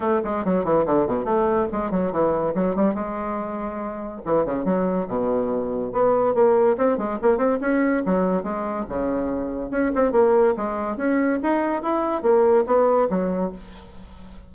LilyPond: \new Staff \with { instrumentName = "bassoon" } { \time 4/4 \tempo 4 = 142 a8 gis8 fis8 e8 d8 b,8 a4 | gis8 fis8 e4 fis8 g8 gis4~ | gis2 e8 cis8 fis4 | b,2 b4 ais4 |
c'8 gis8 ais8 c'8 cis'4 fis4 | gis4 cis2 cis'8 c'8 | ais4 gis4 cis'4 dis'4 | e'4 ais4 b4 fis4 | }